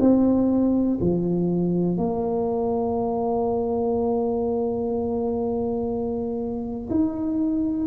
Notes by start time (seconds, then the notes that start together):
0.00 C4
1.00 F3
1.97 A#3
6.90 D#4